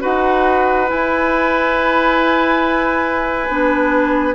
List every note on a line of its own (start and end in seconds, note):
0.00 0.91 D#4
0.00 0.87 F#4
0.00 4.35 B4
0.00 0.90 F#5
0.87 3.48 E4
0.87 3.49 E4
0.87 4.35 G#5
3.49 4.35 B3
3.49 4.35 D4